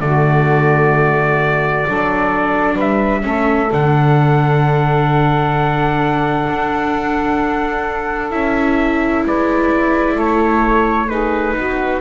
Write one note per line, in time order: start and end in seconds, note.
0.00 1.85 D3
0.00 1.85 A3
0.00 1.87 F#4
0.00 2.77 D5
1.87 2.78 F#3
1.87 3.22 D4
1.87 2.74 A4
2.74 3.24 G3
2.74 3.20 B4
2.74 3.72 E5
3.22 3.71 A3
3.22 3.68 C#4
3.22 9.25 A4
3.71 6.49 D3
3.71 8.30 D4
3.71 8.31 F#5
6.49 8.32 D4
8.30 9.25 C#4
8.30 11.07 E4
8.30 9.23 E5
9.25 10.15 G#3
9.25 10.14 B4
9.25 10.19 D5
10.14 11.54 A3
10.14 11.06 A4
10.14 11.08 C#5
11.08 12.00 D#4
11.08 11.55 G#4
11.08 12.00 B4
11.56 12.00 B3
11.56 12.00 F#4